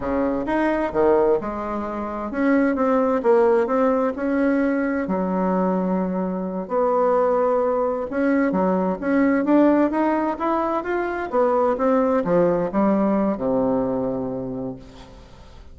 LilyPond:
\new Staff \with { instrumentName = "bassoon" } { \time 4/4 \tempo 4 = 130 cis4 dis'4 dis4 gis4~ | gis4 cis'4 c'4 ais4 | c'4 cis'2 fis4~ | fis2~ fis8 b4.~ |
b4. cis'4 fis4 cis'8~ | cis'8 d'4 dis'4 e'4 f'8~ | f'8 b4 c'4 f4 g8~ | g4 c2. | }